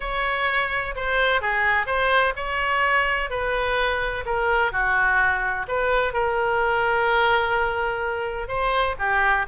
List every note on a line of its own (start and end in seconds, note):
0.00 0.94 C#5
0.95 1.41 C5
1.41 1.86 G#4
1.86 2.33 C5
2.36 3.29 C#5
3.29 4.24 B4
4.25 4.72 A#4
4.72 5.66 F#4
5.68 6.13 B4
6.13 8.48 A#4
8.48 8.95 C5
8.98 9.46 G4